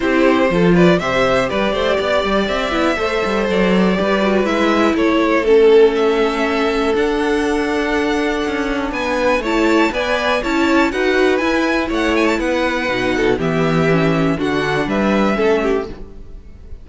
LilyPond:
<<
  \new Staff \with { instrumentName = "violin" } { \time 4/4 \tempo 4 = 121 c''4. d''8 e''4 d''4~ | d''4 e''2 d''4~ | d''4 e''4 cis''4 a'4 | e''2 fis''2~ |
fis''2 gis''4 a''4 | gis''4 a''4 fis''4 gis''4 | fis''8 gis''16 a''16 fis''2 e''4~ | e''4 fis''4 e''2 | }
  \new Staff \with { instrumentName = "violin" } { \time 4/4 g'4 a'8 b'8 c''4 b'8 c''8 | d''2 c''2 | b'2 a'2~ | a'1~ |
a'2 b'4 cis''4 | d''4 cis''4 b'2 | cis''4 b'4. a'8 g'4~ | g'4 fis'4 b'4 a'8 g'8 | }
  \new Staff \with { instrumentName = "viola" } { \time 4/4 e'4 f'4 g'2~ | g'4. e'8 a'2 | g'8 fis'8 e'2 cis'4~ | cis'2 d'2~ |
d'2. e'4 | b'4 e'4 fis'4 e'4~ | e'2 dis'4 b4 | cis'4 d'2 cis'4 | }
  \new Staff \with { instrumentName = "cello" } { \time 4/4 c'4 f4 c4 g8 a8 | b8 g8 c'8 b8 a8 g8 fis4 | g4 gis4 a2~ | a2 d'2~ |
d'4 cis'4 b4 a4 | b4 cis'4 dis'4 e'4 | a4 b4 b,4 e4~ | e4 d4 g4 a4 | }
>>